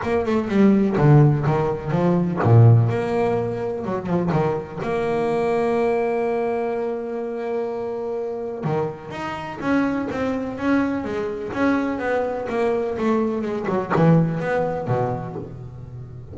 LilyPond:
\new Staff \with { instrumentName = "double bass" } { \time 4/4 \tempo 4 = 125 ais8 a8 g4 d4 dis4 | f4 ais,4 ais2 | fis8 f8 dis4 ais2~ | ais1~ |
ais2 dis4 dis'4 | cis'4 c'4 cis'4 gis4 | cis'4 b4 ais4 a4 | gis8 fis8 e4 b4 b,4 | }